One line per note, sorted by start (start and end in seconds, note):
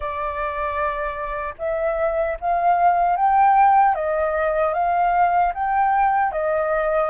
0.00 1.54 D5
1.58 2.37 E5
2.40 3.16 F5
3.16 3.94 G5
3.94 4.73 D#5
4.73 5.52 F5
5.53 6.32 G5
6.32 7.09 D#5